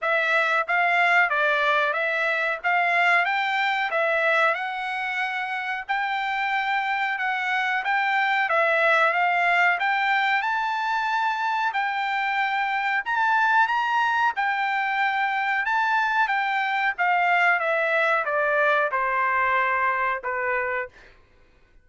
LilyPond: \new Staff \with { instrumentName = "trumpet" } { \time 4/4 \tempo 4 = 92 e''4 f''4 d''4 e''4 | f''4 g''4 e''4 fis''4~ | fis''4 g''2 fis''4 | g''4 e''4 f''4 g''4 |
a''2 g''2 | a''4 ais''4 g''2 | a''4 g''4 f''4 e''4 | d''4 c''2 b'4 | }